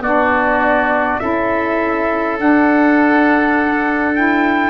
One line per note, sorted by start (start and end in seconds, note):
0.00 1.18 B3
0.00 1.20 D4
0.00 1.20 F#4
0.00 1.20 D5
1.20 2.40 C#4
1.20 2.37 E4
1.20 4.70 A4
1.20 2.37 E5
2.37 4.14 D4
2.37 4.70 D4
2.37 4.15 F#5
4.14 4.70 E4
4.14 4.70 G5